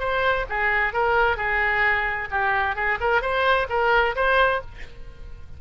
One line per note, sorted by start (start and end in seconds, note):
0.00 0.46 C5
0.49 0.93 G#4
0.93 1.37 A#4
1.37 2.29 G#4
2.31 2.76 G4
2.76 2.99 G#4
3.01 3.22 A#4
3.22 3.67 C5
3.70 4.15 A#4
4.16 4.62 C5